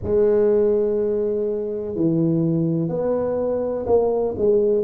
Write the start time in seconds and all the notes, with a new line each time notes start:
0.03 G#3
1.95 E3
2.89 B3
3.86 A#3
4.37 G#3